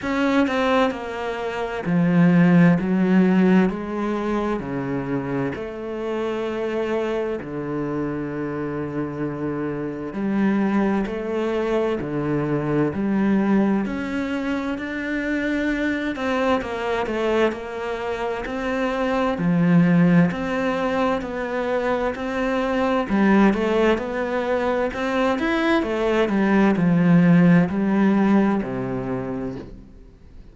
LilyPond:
\new Staff \with { instrumentName = "cello" } { \time 4/4 \tempo 4 = 65 cis'8 c'8 ais4 f4 fis4 | gis4 cis4 a2 | d2. g4 | a4 d4 g4 cis'4 |
d'4. c'8 ais8 a8 ais4 | c'4 f4 c'4 b4 | c'4 g8 a8 b4 c'8 e'8 | a8 g8 f4 g4 c4 | }